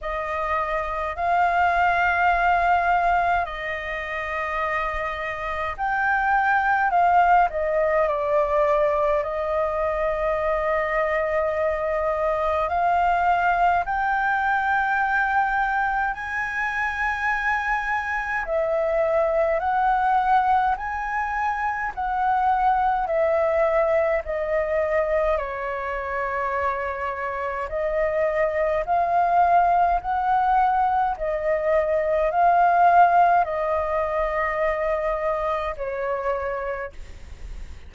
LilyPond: \new Staff \with { instrumentName = "flute" } { \time 4/4 \tempo 4 = 52 dis''4 f''2 dis''4~ | dis''4 g''4 f''8 dis''8 d''4 | dis''2. f''4 | g''2 gis''2 |
e''4 fis''4 gis''4 fis''4 | e''4 dis''4 cis''2 | dis''4 f''4 fis''4 dis''4 | f''4 dis''2 cis''4 | }